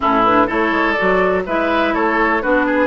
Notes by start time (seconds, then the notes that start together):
0.00 A2 C#4 E4 A4
0.24 D4 B4
0.47 A3 E4 A4 C#5
0.71 G#3
0.92 F#4 D5
1.01 F#3
1.46 G#3 E4 B4 E5
1.94 A3 A4 C#5
2.41 B3 D4 F#4 B4
2.65 G#4